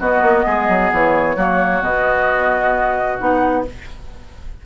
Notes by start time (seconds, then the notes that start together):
0.00 B3 F#4 D#5
0.22 A#3
0.45 G#3 G#4
0.68 F#3
0.92 E3 C#5
1.36 F#3 A#3 F#4
1.82 B2 B3 D#5
3.19 B3 D#4 F#5